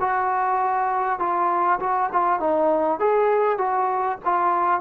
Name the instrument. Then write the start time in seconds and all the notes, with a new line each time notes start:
trombone
0.00 F#4
1.19 F4
1.80 F#4
2.12 F4
2.40 D#4
3.00 G#4
3.58 F#4
4.25 F4